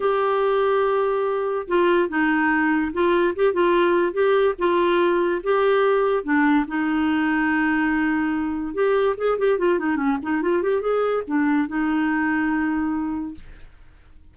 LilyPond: \new Staff \with { instrumentName = "clarinet" } { \time 4/4 \tempo 4 = 144 g'1 | f'4 dis'2 f'4 | g'8 f'4. g'4 f'4~ | f'4 g'2 d'4 |
dis'1~ | dis'4 g'4 gis'8 g'8 f'8 dis'8 | cis'8 dis'8 f'8 g'8 gis'4 d'4 | dis'1 | }